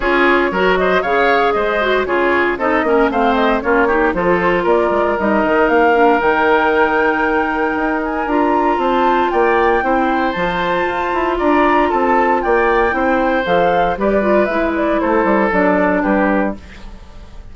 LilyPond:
<<
  \new Staff \with { instrumentName = "flute" } { \time 4/4 \tempo 4 = 116 cis''4. dis''8 f''4 dis''4 | cis''4 dis''4 f''8 dis''8 cis''4 | c''4 d''4 dis''4 f''4 | g''2.~ g''8 gis''8 |
ais''4 a''4 g''2 | a''2 ais''4 a''4 | g''2 f''4 d''4 | e''8 d''8 c''4 d''4 b'4 | }
  \new Staff \with { instrumentName = "oboe" } { \time 4/4 gis'4 ais'8 c''8 cis''4 c''4 | gis'4 a'8 ais'8 c''4 f'8 g'8 | a'4 ais'2.~ | ais'1~ |
ais'4 c''4 d''4 c''4~ | c''2 d''4 a'4 | d''4 c''2 b'4~ | b'4 a'2 g'4 | }
  \new Staff \with { instrumentName = "clarinet" } { \time 4/4 f'4 fis'4 gis'4. fis'8 | f'4 dis'8 cis'8 c'4 cis'8 dis'8 | f'2 dis'4. d'8 | dis'1 |
f'2. e'4 | f'1~ | f'4 e'4 a'4 g'8 f'8 | e'2 d'2 | }
  \new Staff \with { instrumentName = "bassoon" } { \time 4/4 cis'4 fis4 cis4 gis4 | cis4 c'8 ais8 a4 ais4 | f4 ais8 gis8 g8 dis8 ais4 | dis2. dis'4 |
d'4 c'4 ais4 c'4 | f4 f'8 e'8 d'4 c'4 | ais4 c'4 f4 g4 | gis4 a8 g8 fis4 g4 | }
>>